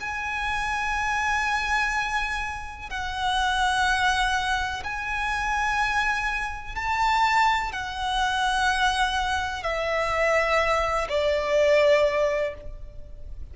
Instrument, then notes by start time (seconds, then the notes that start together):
violin
0.00 G#5
2.89 F#5
4.83 G#5
6.75 A5
7.72 F#5
9.62 E5
11.09 D5